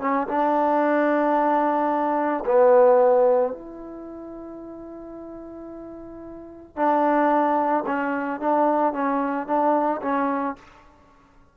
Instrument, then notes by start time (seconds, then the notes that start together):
trombone
0.00 C#4
0.28 D4
2.45 B3
3.52 E4
6.76 D4
7.86 C#4
8.40 D4
8.93 C#4
9.47 D4
10.01 C#4